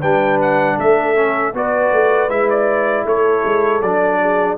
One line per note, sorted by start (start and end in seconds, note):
0.00 0.78 G3
0.00 1.15 D4
0.00 0.76 B4
0.00 0.39 G5
0.41 0.79 F#5
0.77 1.53 A3
0.77 1.53 A4
0.77 1.55 E5
1.15 1.53 C#4
1.53 1.91 B3
1.53 2.29 F#4
1.53 3.05 B4
1.53 2.29 D5
1.92 2.28 A3
2.28 3.04 G#3
2.28 3.81 E4
2.28 2.48 E5
2.49 3.06 D5
3.05 3.43 A3
3.05 4.19 A4
3.05 3.81 C#5
3.44 3.81 G#3
3.81 4.57 F#3
3.81 4.57 D4
3.81 4.57 D5
4.21 4.57 G#4